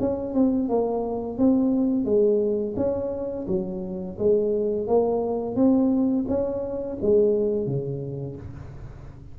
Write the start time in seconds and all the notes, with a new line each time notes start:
0.00 C#4
0.34 C4
0.69 A#3
1.38 C4
2.05 G#3
2.76 C#4
3.47 F#3
4.18 G#3
4.87 A#3
5.56 C4
6.28 C#4
7.01 G#3
7.66 C#3